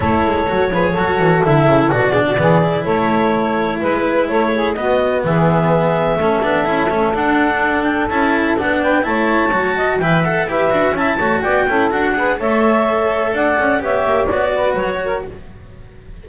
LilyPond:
<<
  \new Staff \with { instrumentName = "clarinet" } { \time 4/4 \tempo 4 = 126 cis''2. e''4 | d''2 cis''2 | b'4 cis''4 dis''4 e''4~ | e''2. fis''4~ |
fis''8 g''8 a''4 fis''8 g''8 a''4~ | a''4 g''8 fis''8 e''4 a''4 | g''4 fis''4 e''2 | fis''4 e''4 d''4 cis''4 | }
  \new Staff \with { instrumentName = "saxophone" } { \time 4/4 a'4. b'8 a'2~ | a'8 gis'16 fis'16 gis'4 a'2 | b'4 a'8 gis'8 fis'4 gis'4~ | gis'4 a'2.~ |
a'2~ a'8 b'8 cis''4~ | cis''8 dis''8 e''4 b'4 e''8 cis''8 | d''8 a'4 b'8 cis''2 | d''4 cis''4. b'4 ais'8 | }
  \new Staff \with { instrumentName = "cello" } { \time 4/4 e'4 fis'8 gis'8 fis'4 e'4 | fis'8 d'8 b8 e'2~ e'8~ | e'2 b2~ | b4 cis'8 d'8 e'8 cis'8 d'4~ |
d'4 e'4 d'4 e'4 | fis'4 b'8 a'8 g'8 fis'8 e'8 fis'8~ | fis'8 e'8 fis'8 gis'8 a'2~ | a'4 g'4 fis'2 | }
  \new Staff \with { instrumentName = "double bass" } { \time 4/4 a8 gis8 fis8 f8 fis8 e8 d8 cis8 | b,4 e4 a2 | gis4 a4 b4 e4~ | e4 a8 b8 cis'8 a8 d'4~ |
d'4 cis'4 b4 a4 | fis4 e4 e'8 d'8 cis'8 a8 | b8 cis'8 d'4 a2 | d'8 cis'8 b8 ais8 b4 fis4 | }
>>